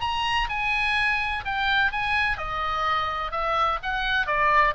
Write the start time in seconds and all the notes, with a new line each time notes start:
0.00 A#5
0.49 G#5
1.45 G5
1.91 G#5
2.37 D#5
3.31 E5
3.82 F#5
4.26 D5